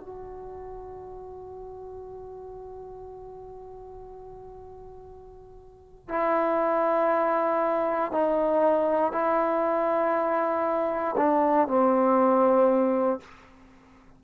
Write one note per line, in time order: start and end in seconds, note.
0.00 6.09 F#4
6.09 8.12 E4
8.12 9.12 D#4
9.12 11.16 E4
11.18 11.68 D4
11.68 13.21 C4